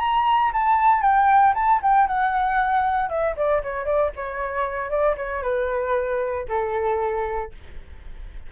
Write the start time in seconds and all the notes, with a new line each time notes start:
0.00 A#5
0.53 A5
1.02 G5
1.55 A5
1.82 G5
2.08 F#5
3.09 E5
3.36 D5
3.63 C#5
3.85 D5
4.16 C#5
4.90 D5
5.17 C#5
5.43 B4
6.48 A4